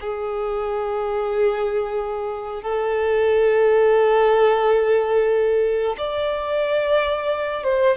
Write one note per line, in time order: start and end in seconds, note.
0.00 2.63 G#4
2.63 5.96 A4
5.98 7.63 D5
7.63 7.97 C5